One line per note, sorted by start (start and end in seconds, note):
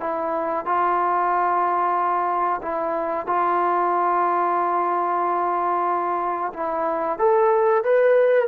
0.00 0.65 E4
0.66 2.61 F4
2.62 3.26 E4
3.26 6.52 F4
6.53 7.18 E4
7.19 7.84 A4
7.84 8.48 B4